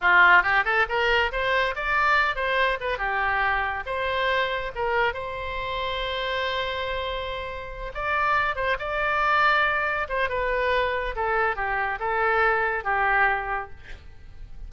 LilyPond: \new Staff \with { instrumentName = "oboe" } { \time 4/4 \tempo 4 = 140 f'4 g'8 a'8 ais'4 c''4 | d''4. c''4 b'8 g'4~ | g'4 c''2 ais'4 | c''1~ |
c''2~ c''8 d''4. | c''8 d''2. c''8 | b'2 a'4 g'4 | a'2 g'2 | }